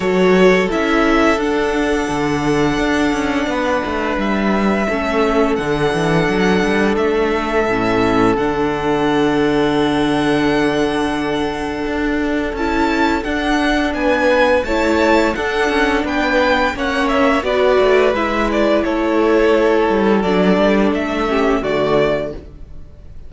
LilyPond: <<
  \new Staff \with { instrumentName = "violin" } { \time 4/4 \tempo 4 = 86 cis''4 e''4 fis''2~ | fis''2 e''2 | fis''2 e''2 | fis''1~ |
fis''2 a''4 fis''4 | gis''4 a''4 fis''4 g''4 | fis''8 e''8 d''4 e''8 d''8 cis''4~ | cis''4 d''4 e''4 d''4 | }
  \new Staff \with { instrumentName = "violin" } { \time 4/4 a'1~ | a'4 b'2 a'4~ | a'1~ | a'1~ |
a'1 | b'4 cis''4 a'4 b'4 | cis''4 b'2 a'4~ | a'2~ a'8 g'8 fis'4 | }
  \new Staff \with { instrumentName = "viola" } { \time 4/4 fis'4 e'4 d'2~ | d'2. cis'4 | d'2. cis'4 | d'1~ |
d'2 e'4 d'4~ | d'4 e'4 d'2 | cis'4 fis'4 e'2~ | e'4 d'4. cis'8 a4 | }
  \new Staff \with { instrumentName = "cello" } { \time 4/4 fis4 cis'4 d'4 d4 | d'8 cis'8 b8 a8 g4 a4 | d8 e8 fis8 g8 a4 a,4 | d1~ |
d4 d'4 cis'4 d'4 | b4 a4 d'8 cis'8 b4 | ais4 b8 a8 gis4 a4~ | a8 g8 fis8 g8 a4 d4 | }
>>